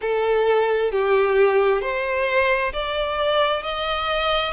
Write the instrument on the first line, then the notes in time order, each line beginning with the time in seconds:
violin
0.01 A4
0.91 G4
1.81 C5
2.73 D5
3.62 D#5